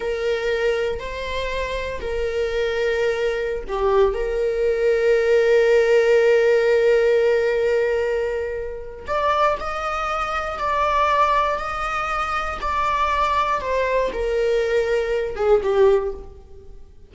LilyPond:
\new Staff \with { instrumentName = "viola" } { \time 4/4 \tempo 4 = 119 ais'2 c''2 | ais'2.~ ais'16 g'8.~ | g'16 ais'2.~ ais'8.~ | ais'1~ |
ais'2 d''4 dis''4~ | dis''4 d''2 dis''4~ | dis''4 d''2 c''4 | ais'2~ ais'8 gis'8 g'4 | }